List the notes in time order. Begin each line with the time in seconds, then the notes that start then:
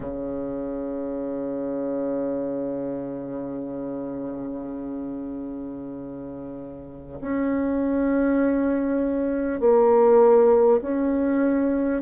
0.00 C#3
7.20 C#4
9.59 A#3
10.81 C#4